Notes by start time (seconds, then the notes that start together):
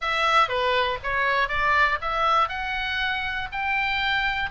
0.01 E5
0.48 B4
1.02 C#5
1.48 D5
2.01 E5
2.48 F#5
3.52 G5